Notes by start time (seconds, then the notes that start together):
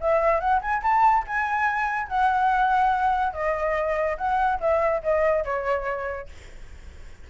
0.00 E5
0.40 F#5
0.61 G#5
0.82 A5
1.26 G#5
2.08 F#5
3.33 D#5
4.17 F#5
4.60 E5
5.03 D#5
5.44 C#5